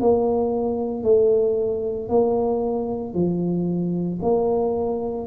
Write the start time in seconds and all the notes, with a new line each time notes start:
0.00 A#3
1.03 A3
2.09 A#3
3.13 F3
4.22 A#3